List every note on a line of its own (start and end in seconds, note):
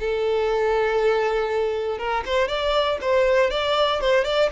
0.00 1.99 A4
1.99 2.24 A#4
2.26 2.48 C5
2.48 2.99 D5
3.01 3.51 C5
3.51 4.01 D5
4.01 4.25 C5
4.25 4.50 D5